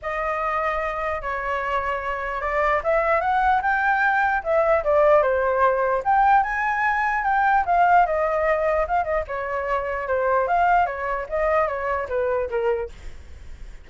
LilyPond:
\new Staff \with { instrumentName = "flute" } { \time 4/4 \tempo 4 = 149 dis''2. cis''4~ | cis''2 d''4 e''4 | fis''4 g''2 e''4 | d''4 c''2 g''4 |
gis''2 g''4 f''4 | dis''2 f''8 dis''8 cis''4~ | cis''4 c''4 f''4 cis''4 | dis''4 cis''4 b'4 ais'4 | }